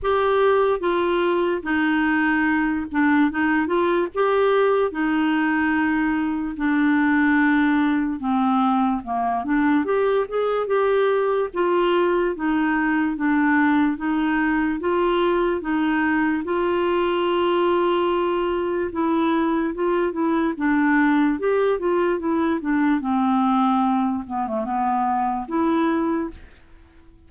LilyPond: \new Staff \with { instrumentName = "clarinet" } { \time 4/4 \tempo 4 = 73 g'4 f'4 dis'4. d'8 | dis'8 f'8 g'4 dis'2 | d'2 c'4 ais8 d'8 | g'8 gis'8 g'4 f'4 dis'4 |
d'4 dis'4 f'4 dis'4 | f'2. e'4 | f'8 e'8 d'4 g'8 f'8 e'8 d'8 | c'4. b16 a16 b4 e'4 | }